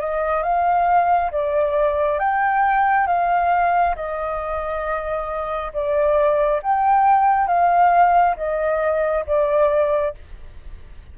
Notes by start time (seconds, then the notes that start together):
0.00 D#5
0.43 F5
1.32 D5
2.19 G5
3.07 F5
3.96 D#5
5.73 D5
6.63 G5
7.47 F5
8.37 D#5
9.26 D5